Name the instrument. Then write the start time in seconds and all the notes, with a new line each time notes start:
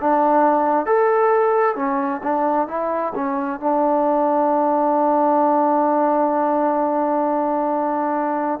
trombone
0.00 D4
0.86 A4
1.75 C#4
2.23 D4
2.67 E4
3.14 C#4
3.60 D4